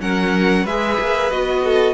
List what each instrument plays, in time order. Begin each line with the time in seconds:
0.00 cello F#3, viola C#4, violin A#4 F#5
0.64 cello G#3, viola G#4, violin B4 E5
1.00 cello A#3
1.31 cello B3, viola F#4, violin D#5
1.65 violin A4